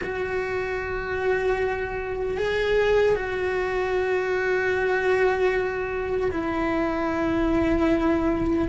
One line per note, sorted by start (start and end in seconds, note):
0.03 2.37 F#4
2.37 3.15 G#4
3.15 6.31 F#4
6.31 8.68 E4